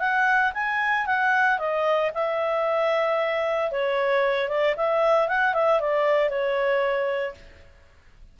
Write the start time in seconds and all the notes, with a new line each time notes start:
0.00 F#5
0.54 G#5
1.07 F#5
1.59 D#5
2.15 E5
3.72 C#5
4.49 D5
4.77 E5
5.29 F#5
5.54 E5
5.81 D5
6.30 C#5